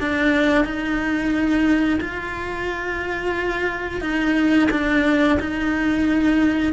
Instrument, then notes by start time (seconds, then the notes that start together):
cello
0.00 D4
0.65 D#4
2.01 F4
4.01 D#4
4.71 D4
5.40 D#4